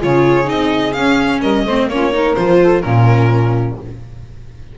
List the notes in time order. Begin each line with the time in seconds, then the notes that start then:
0.00 C#3 F4 G#4 C#5
0.45 C4 D#4 D#5
0.92 C#4 F5
1.40 G3 A#4 D#5
1.65 A3 C4 C5
1.87 A#3 C#4 F4 C#5
2.12 D#4 A#4
2.34 F3 F4 C5
2.61 A4
2.81 A#2 C#4 F4 A#4